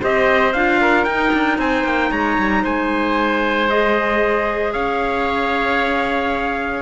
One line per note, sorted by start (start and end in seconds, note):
0.00 0.54 C4
0.00 0.53 G4
0.00 0.79 C5
0.00 0.53 D#5
0.53 1.06 D4
0.53 1.08 F4
0.53 1.04 F5
0.81 1.59 A#4
1.04 1.32 D#4
1.04 3.70 D#4
1.04 1.57 G5
1.33 1.58 D4
1.58 1.84 C4
1.58 2.10 C5
1.58 1.85 G#5
1.84 2.10 A#3
1.84 2.12 G5
2.10 2.37 G#3
2.10 2.63 C#5
2.10 2.64 A#5
2.38 2.64 G3
2.63 4.74 G#3
2.63 4.72 C5
2.63 3.69 G#5
3.69 6.82 G#4
3.69 4.73 D#5
4.72 6.82 C#4
4.72 6.82 C#5
4.72 6.82 F5